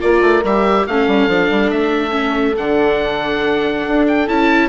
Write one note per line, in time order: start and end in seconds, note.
0.00 0.22 A#3
0.00 0.43 F4
0.00 0.86 A#4
0.00 0.44 D5
0.22 0.43 A3
0.44 0.87 G3
0.44 0.89 G4
0.44 0.87 E5
0.87 1.08 A3
0.87 1.30 C#4
0.87 4.69 A4
0.87 1.71 F5
1.08 1.28 G3
1.28 1.49 F3
1.28 2.11 D4
1.51 1.72 G3
1.71 2.57 A3
1.71 2.56 E5
2.11 2.53 C#4
2.58 3.86 D3
2.58 4.28 D4
2.58 4.06 F#5
3.88 4.29 D4
4.08 4.29 G5
4.28 4.69 C#4
4.28 4.69 E4
4.28 4.69 A5